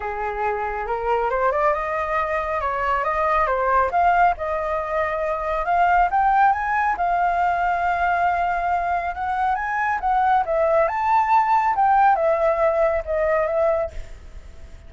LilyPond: \new Staff \with { instrumentName = "flute" } { \time 4/4 \tempo 4 = 138 gis'2 ais'4 c''8 d''8 | dis''2 cis''4 dis''4 | c''4 f''4 dis''2~ | dis''4 f''4 g''4 gis''4 |
f''1~ | f''4 fis''4 gis''4 fis''4 | e''4 a''2 g''4 | e''2 dis''4 e''4 | }